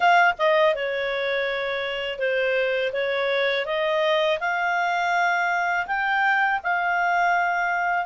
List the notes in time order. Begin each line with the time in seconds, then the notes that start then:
0.00 F5
0.38 D#5
0.74 C#5
2.19 C5
2.92 C#5
3.65 D#5
4.39 F5
5.87 G5
6.63 F5